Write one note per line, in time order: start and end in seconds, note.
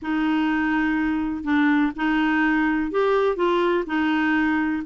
0.02 1.43 D#4
1.43 1.92 D4
1.96 2.91 D#4
2.91 3.35 G4
3.35 3.84 F4
3.86 4.83 D#4